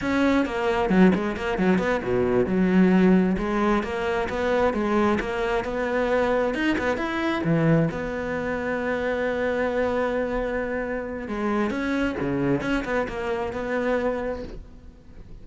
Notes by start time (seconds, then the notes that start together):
0.01 C#4
0.45 A#3
0.89 F#3
1.14 G#3
1.36 A#3
1.58 F#3
1.78 B3
2.03 B2
2.46 F#3
3.38 G#3
3.83 A#3
4.29 B3
4.73 G#3
5.19 A#3
5.64 B3
6.54 D#4
6.78 B3
6.97 E4
7.44 E3
7.91 B3
11.28 G#3
11.70 C#4
12.20 C#3
12.61 C#4
12.84 B3
13.08 A#3
13.53 B3